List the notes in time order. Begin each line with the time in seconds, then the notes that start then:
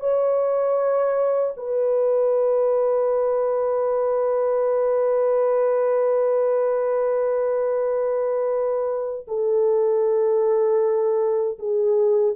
0.00 C#5
1.57 B4
9.28 A4
11.59 G#4